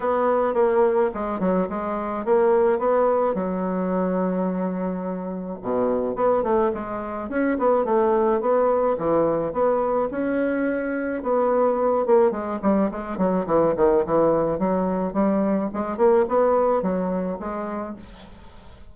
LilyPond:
\new Staff \with { instrumentName = "bassoon" } { \time 4/4 \tempo 4 = 107 b4 ais4 gis8 fis8 gis4 | ais4 b4 fis2~ | fis2 b,4 b8 a8 | gis4 cis'8 b8 a4 b4 |
e4 b4 cis'2 | b4. ais8 gis8 g8 gis8 fis8 | e8 dis8 e4 fis4 g4 | gis8 ais8 b4 fis4 gis4 | }